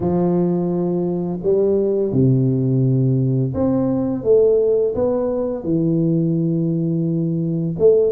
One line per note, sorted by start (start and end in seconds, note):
0.00 1.39 F3
1.42 2.12 G3
2.12 3.53 C3
3.54 4.24 C4
4.24 4.94 A3
4.94 5.63 B3
5.63 7.75 E3
7.78 8.12 A3